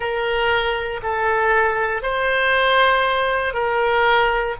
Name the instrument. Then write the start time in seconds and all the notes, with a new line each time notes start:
oboe
0.00 A#4
1.02 A4
2.02 C5
3.53 A#4